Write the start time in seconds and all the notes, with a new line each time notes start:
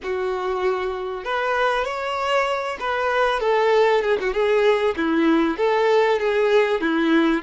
0.03 F#4
1.24 B4
1.84 C#5
2.80 B4
3.40 A4
4.02 G#4
4.20 F#4
4.33 G#4
4.96 E4
5.57 A4
6.19 G#4
6.80 E4